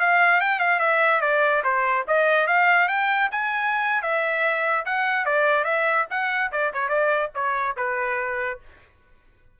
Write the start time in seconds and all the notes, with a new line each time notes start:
0.00 F5
0.41 G5
0.60 F5
0.80 E5
1.21 D5
1.64 C5
2.08 D#5
2.48 F5
2.89 G5
3.32 G#5
4.03 E5
4.86 F#5
5.26 D5
5.65 E5
6.11 F#5
6.52 D5
6.74 C#5
6.89 D5
7.35 C#5
7.77 B4